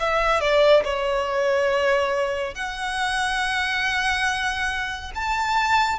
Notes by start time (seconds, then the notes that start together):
0.00 E5
0.41 D5
0.85 C#5
2.55 F#5
5.15 A5